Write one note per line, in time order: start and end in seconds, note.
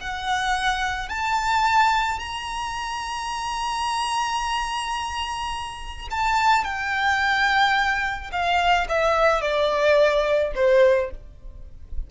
0.00 1.09 F#5
1.09 2.19 A5
2.19 6.08 A#5
6.10 6.64 A5
6.64 8.31 G5
8.32 8.87 F5
8.89 9.41 E5
9.41 10.53 D5
10.55 11.10 C5